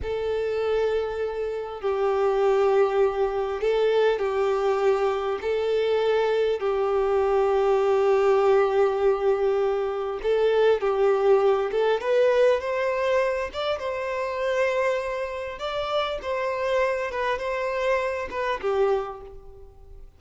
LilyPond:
\new Staff \with { instrumentName = "violin" } { \time 4/4 \tempo 4 = 100 a'2. g'4~ | g'2 a'4 g'4~ | g'4 a'2 g'4~ | g'1~ |
g'4 a'4 g'4. a'8 | b'4 c''4. d''8 c''4~ | c''2 d''4 c''4~ | c''8 b'8 c''4. b'8 g'4 | }